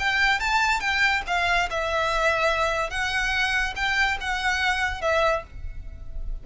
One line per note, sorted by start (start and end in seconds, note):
0.00 0.40 G5
0.40 0.81 A5
0.81 1.23 G5
1.27 1.69 F5
1.71 2.90 E5
2.90 3.74 F#5
3.76 4.18 G5
4.21 5.02 F#5
5.02 5.44 E5